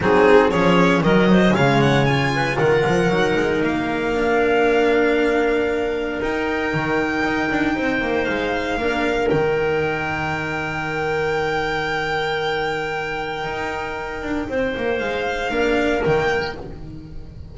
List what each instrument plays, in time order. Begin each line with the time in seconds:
0.00 double bass F#3, cello C4, clarinet D#4, violin G#4
0.50 double bass F3, cello C#4, clarinet G#4, violin C#5
1.01 double bass D#3, cello F#3, clarinet A#4, violin D#5
1.29 clarinet C5
1.53 double bass C#3, cello G#3, clarinet C#5, violin F5
1.80 violin F#5
2.05 cello F4, violin G#5
2.35 clarinet B4
2.56 double bass D#3, clarinet A#4, violin F#5
2.86 double bass F3
3.08 double bass F#3, cello D#4
3.35 double bass G#3
3.61 double bass A#3, violin F5
4.14 cello D4
6.21 cello D#4, double bass D#4, violin G5
6.73 double bass D#3
7.23 double bass D#4
7.51 double bass D4
7.75 double bass C4, clarinet C5
8.01 double bass A#3
8.24 double bass G#3, violin F5
8.77 double bass A#3, cello D4, clarinet A#4
9.30 double bass D#3, cello D#4, violin G5
13.44 double bass D#4
14.22 double bass D4
14.48 double bass C4, clarinet C5
14.76 double bass A#3
14.98 double bass G#3, violin F5
15.50 double bass A#3, cello D4, clarinet A#4
16.00 double bass D#3, cello A#3, violin G5